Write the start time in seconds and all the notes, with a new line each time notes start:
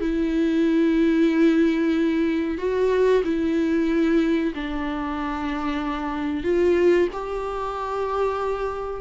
0.00 E4
2.58 F#4
3.24 E4
4.54 D4
6.43 F4
7.13 G4